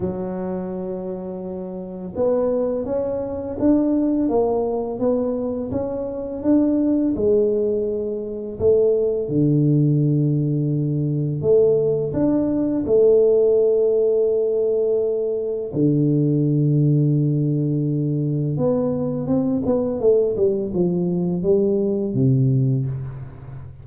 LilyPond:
\new Staff \with { instrumentName = "tuba" } { \time 4/4 \tempo 4 = 84 fis2. b4 | cis'4 d'4 ais4 b4 | cis'4 d'4 gis2 | a4 d2. |
a4 d'4 a2~ | a2 d2~ | d2 b4 c'8 b8 | a8 g8 f4 g4 c4 | }